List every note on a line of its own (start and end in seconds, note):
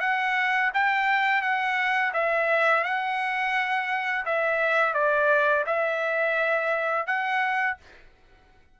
0.00 0.71 F#5
0.74 1.41 G5
1.41 2.12 F#5
2.13 2.84 E5
2.84 4.25 F#5
4.25 4.94 E5
4.94 5.64 D5
5.66 7.06 E5
7.06 7.77 F#5